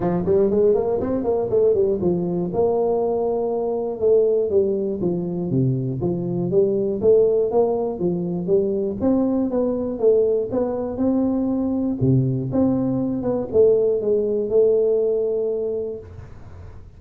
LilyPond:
\new Staff \with { instrumentName = "tuba" } { \time 4/4 \tempo 4 = 120 f8 g8 gis8 ais8 c'8 ais8 a8 g8 | f4 ais2. | a4 g4 f4 c4 | f4 g4 a4 ais4 |
f4 g4 c'4 b4 | a4 b4 c'2 | c4 c'4. b8 a4 | gis4 a2. | }